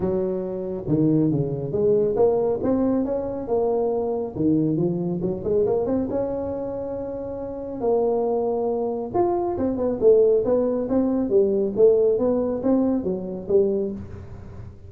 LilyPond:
\new Staff \with { instrumentName = "tuba" } { \time 4/4 \tempo 4 = 138 fis2 dis4 cis4 | gis4 ais4 c'4 cis'4 | ais2 dis4 f4 | fis8 gis8 ais8 c'8 cis'2~ |
cis'2 ais2~ | ais4 f'4 c'8 b8 a4 | b4 c'4 g4 a4 | b4 c'4 fis4 g4 | }